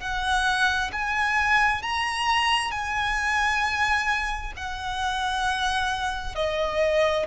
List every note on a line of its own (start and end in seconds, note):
0.00 0.91 F#5
0.93 1.82 G#5
1.82 2.71 A#5
2.71 4.53 G#5
4.57 6.35 F#5
6.35 7.26 D#5